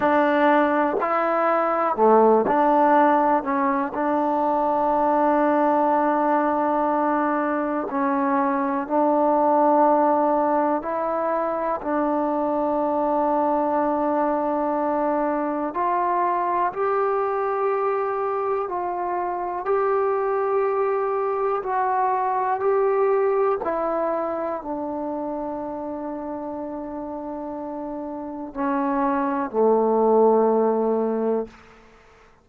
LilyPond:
\new Staff \with { instrumentName = "trombone" } { \time 4/4 \tempo 4 = 61 d'4 e'4 a8 d'4 cis'8 | d'1 | cis'4 d'2 e'4 | d'1 |
f'4 g'2 f'4 | g'2 fis'4 g'4 | e'4 d'2.~ | d'4 cis'4 a2 | }